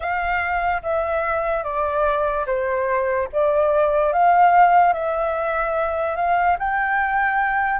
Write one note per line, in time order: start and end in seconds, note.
0.00 0.82 F5
0.82 1.63 E5
1.63 2.45 D5
2.46 3.28 C5
3.32 4.12 D5
4.12 4.93 F5
4.93 6.15 E5
6.15 6.56 F5
6.58 7.80 G5